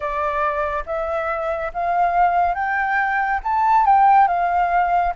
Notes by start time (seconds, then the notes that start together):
0.00 D5
0.86 E5
1.73 F5
2.54 G5
3.43 A5
3.85 G5
4.27 F5